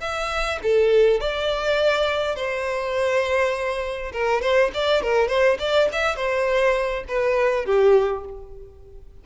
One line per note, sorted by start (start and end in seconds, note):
0.00 0.59 E5
0.62 1.20 A4
1.20 2.35 D5
2.35 4.12 C5
4.12 4.41 A#4
4.41 4.70 C5
4.74 5.02 D5
5.02 5.28 A#4
5.28 5.57 C5
5.59 5.88 D5
5.92 6.16 E5
6.16 7.04 C5
7.07 7.65 B4
7.65 8.24 G4